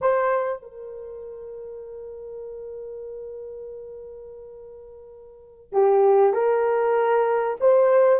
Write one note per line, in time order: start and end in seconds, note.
0.01 0.62 C5
0.62 5.72 A#4
5.72 6.33 G4
6.33 7.56 A#4
7.60 8.20 C5